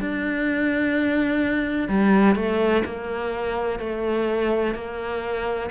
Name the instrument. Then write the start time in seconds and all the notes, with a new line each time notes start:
cello
0.00 D4
1.89 G3
2.35 A3
2.85 A#3
3.79 A3
4.74 A#3